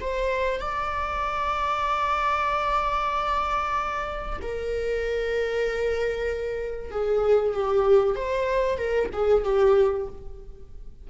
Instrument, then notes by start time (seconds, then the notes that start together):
viola
0.00 C5
0.60 D5
4.42 A#4
6.91 G#4
7.54 G4
8.15 C5
8.78 A#4
9.13 G#4
9.44 G4